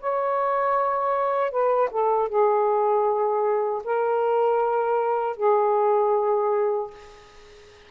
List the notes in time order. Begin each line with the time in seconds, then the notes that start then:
0.00 C#5
1.51 B4
1.91 A4
2.29 G#4
3.84 A#4
5.37 G#4